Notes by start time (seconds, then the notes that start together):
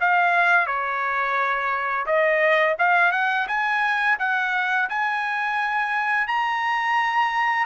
0.00 F5
0.66 C#5
2.06 D#5
2.78 F5
3.12 F#5
3.48 G#5
4.19 F#5
4.89 G#5
6.27 A#5